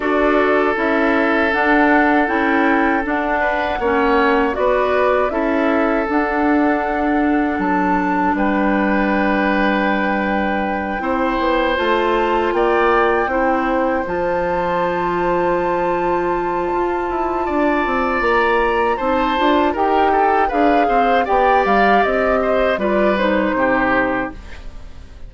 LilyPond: <<
  \new Staff \with { instrumentName = "flute" } { \time 4/4 \tempo 4 = 79 d''4 e''4 fis''4 g''4 | fis''2 d''4 e''4 | fis''2 a''4 g''4~ | g''2.~ g''8 a''8~ |
a''8 g''2 a''4.~ | a''1 | ais''4 a''4 g''4 f''4 | g''8 f''8 dis''4 d''8 c''4. | }
  \new Staff \with { instrumentName = "oboe" } { \time 4/4 a'1~ | a'8 b'8 cis''4 b'4 a'4~ | a'2. b'4~ | b'2~ b'8 c''4.~ |
c''8 d''4 c''2~ c''8~ | c''2. d''4~ | d''4 c''4 ais'8 a'8 b'8 c''8 | d''4. c''8 b'4 g'4 | }
  \new Staff \with { instrumentName = "clarinet" } { \time 4/4 fis'4 e'4 d'4 e'4 | d'4 cis'4 fis'4 e'4 | d'1~ | d'2~ d'8 e'4 f'8~ |
f'4. e'4 f'4.~ | f'1~ | f'4 dis'8 f'8 g'4 gis'4 | g'2 f'8 dis'4. | }
  \new Staff \with { instrumentName = "bassoon" } { \time 4/4 d'4 cis'4 d'4 cis'4 | d'4 ais4 b4 cis'4 | d'2 fis4 g4~ | g2~ g8 c'8 b8 a8~ |
a8 ais4 c'4 f4.~ | f2 f'8 e'8 d'8 c'8 | ais4 c'8 d'8 dis'4 d'8 c'8 | b8 g8 c'4 g4 c4 | }
>>